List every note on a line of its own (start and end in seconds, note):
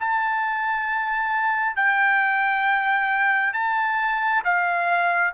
0.00 1.76 A5
1.76 3.53 G5
3.53 4.43 A5
4.45 5.34 F5